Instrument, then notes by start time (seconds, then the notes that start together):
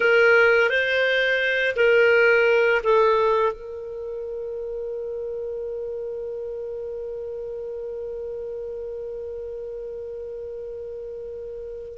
clarinet
0.00 A#4
0.69 C5
1.76 A#4
2.83 A4
3.52 A#4